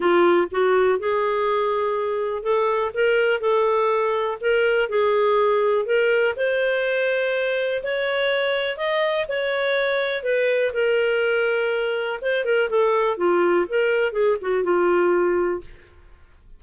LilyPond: \new Staff \with { instrumentName = "clarinet" } { \time 4/4 \tempo 4 = 123 f'4 fis'4 gis'2~ | gis'4 a'4 ais'4 a'4~ | a'4 ais'4 gis'2 | ais'4 c''2. |
cis''2 dis''4 cis''4~ | cis''4 b'4 ais'2~ | ais'4 c''8 ais'8 a'4 f'4 | ais'4 gis'8 fis'8 f'2 | }